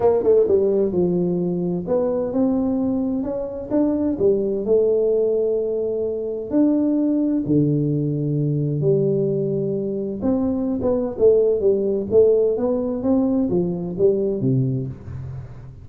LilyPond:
\new Staff \with { instrumentName = "tuba" } { \time 4/4 \tempo 4 = 129 ais8 a8 g4 f2 | b4 c'2 cis'4 | d'4 g4 a2~ | a2 d'2 |
d2. g4~ | g2 c'4~ c'16 b8. | a4 g4 a4 b4 | c'4 f4 g4 c4 | }